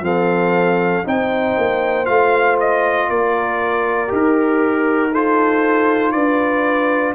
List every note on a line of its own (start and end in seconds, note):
0.00 1.02 F3
0.00 1.04 C4
0.00 1.06 A4
0.00 1.06 F5
1.04 1.56 C4
1.04 2.04 D#4
1.04 3.09 C5
1.04 2.05 G5
1.57 2.08 A#3
2.04 3.09 A3
2.04 4.08 F4
2.04 2.56 F5
2.60 3.09 D#5
3.09 4.11 A#3
3.09 5.11 A#4
3.09 4.11 D5
4.08 6.14 D#4
4.08 5.10 G4
4.14 5.14 A#4
5.11 7.15 F4
5.11 6.12 A4
5.11 6.11 C5
6.11 7.15 D4
6.11 7.15 B4
6.11 7.13 D5